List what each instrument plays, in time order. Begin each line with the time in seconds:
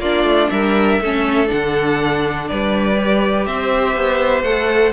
0.00 cello A#3, viola D4, violin F4 D5
0.24 cello A3
0.50 cello G3, violin A#4 E5
1.01 cello A3, viola C#4, violin A4
1.46 cello D3, viola D4, violin F#5
2.48 cello G3, violin B4 D5
2.97 viola G4
3.46 cello C4, violin C5 E5
3.96 cello B3
4.43 cello A3, viola A4, violin F#5